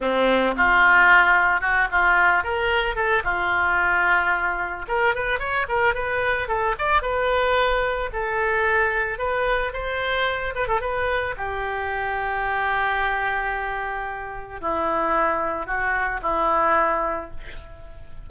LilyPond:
\new Staff \with { instrumentName = "oboe" } { \time 4/4 \tempo 4 = 111 c'4 f'2 fis'8 f'8~ | f'8 ais'4 a'8 f'2~ | f'4 ais'8 b'8 cis''8 ais'8 b'4 | a'8 d''8 b'2 a'4~ |
a'4 b'4 c''4. b'16 a'16 | b'4 g'2.~ | g'2. e'4~ | e'4 fis'4 e'2 | }